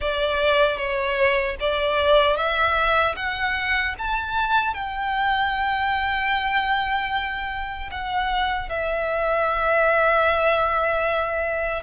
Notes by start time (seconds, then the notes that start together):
0.00 D5
0.77 C#5
1.60 D5
2.36 E5
3.16 F#5
3.98 A5
4.74 G5
7.91 F#5
8.69 E5